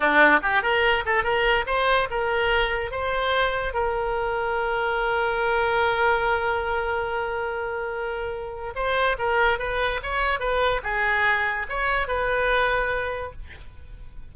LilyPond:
\new Staff \with { instrumentName = "oboe" } { \time 4/4 \tempo 4 = 144 d'4 g'8 ais'4 a'8 ais'4 | c''4 ais'2 c''4~ | c''4 ais'2.~ | ais'1~ |
ais'1~ | ais'4 c''4 ais'4 b'4 | cis''4 b'4 gis'2 | cis''4 b'2. | }